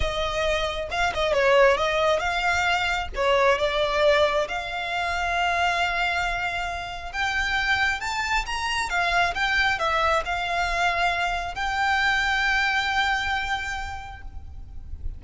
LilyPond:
\new Staff \with { instrumentName = "violin" } { \time 4/4 \tempo 4 = 135 dis''2 f''8 dis''8 cis''4 | dis''4 f''2 cis''4 | d''2 f''2~ | f''1 |
g''2 a''4 ais''4 | f''4 g''4 e''4 f''4~ | f''2 g''2~ | g''1 | }